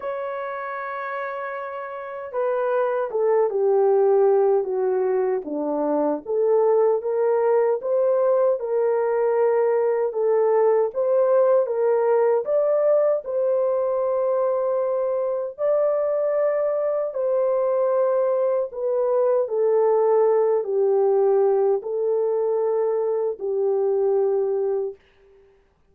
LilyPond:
\new Staff \with { instrumentName = "horn" } { \time 4/4 \tempo 4 = 77 cis''2. b'4 | a'8 g'4. fis'4 d'4 | a'4 ais'4 c''4 ais'4~ | ais'4 a'4 c''4 ais'4 |
d''4 c''2. | d''2 c''2 | b'4 a'4. g'4. | a'2 g'2 | }